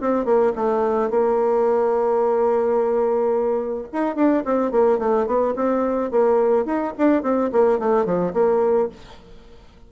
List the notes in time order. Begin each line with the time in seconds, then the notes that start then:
0.00 C4
0.24 A#3
0.55 A3
1.10 A#3
3.92 D#4
4.15 D4
4.45 C4
4.71 A#3
4.98 A3
5.26 B3
5.56 C4
6.11 A#3
6.65 D#4
6.97 D4
7.22 C4
7.52 A#3
7.79 A3
8.05 F3
8.33 A#3